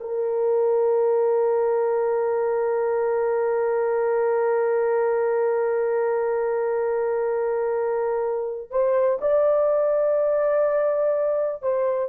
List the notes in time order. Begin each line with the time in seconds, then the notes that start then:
0.00 A#4
8.70 C5
9.21 D5
11.62 C5